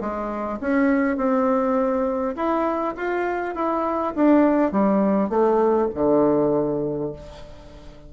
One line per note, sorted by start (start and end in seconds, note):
0.00 0.59 G#3
0.60 1.17 C#4
1.17 2.34 C4
2.36 2.94 E4
2.96 3.55 F4
3.55 4.14 E4
4.15 4.72 D4
4.72 5.29 G3
5.29 5.88 A3
5.94 7.12 D3